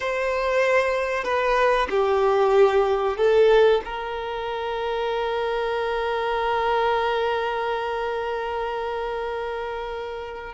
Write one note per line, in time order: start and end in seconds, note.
0.00 1.24 C5
1.24 1.87 B4
1.90 3.17 G4
3.17 3.81 A4
3.84 10.53 A#4